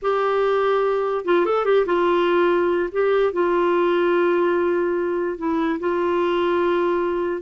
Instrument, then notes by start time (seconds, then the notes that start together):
clarinet
0.02 G4
1.25 F4
1.45 A4
1.65 G4
1.86 F4
2.92 G4
3.32 F4
5.38 E4
5.79 F4